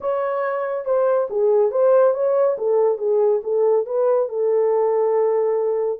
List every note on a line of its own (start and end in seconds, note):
0.00 0.85 C#5
0.85 1.28 C5
1.30 1.71 G#4
1.71 2.14 C5
2.14 2.56 C#5
2.58 2.98 A4
2.98 3.41 G#4
3.43 3.86 A4
3.86 4.28 B4
4.28 5.99 A4